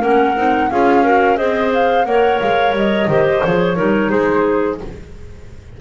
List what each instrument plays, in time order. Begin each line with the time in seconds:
0.00 double bass A#3, clarinet C#4 A#4, flute F#5
0.36 double bass C4, clarinet D#4
0.70 double bass C#4, clarinet F4 G#4, flute F5
1.04 clarinet F#4 A#4
1.36 double bass C4, clarinet G#4 C5, flute D#5
1.74 flute F5
2.05 double bass A#3, clarinet A#4 C#5, flute F#5
2.41 double bass G#3, flute F5
2.72 double bass G3, flute D#5
3.08 double bass D#3, clarinet G4 C5
3.45 double bass F3, clarinet G#4, flute C#5
3.76 double bass G3, clarinet D#4 A#4
4.10 double bass G#3, clarinet G#4, flute C5